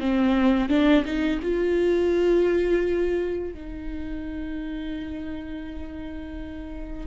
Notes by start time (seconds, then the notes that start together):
0.00 C4
0.69 D4
1.05 D#4
1.42 F4
3.54 D#4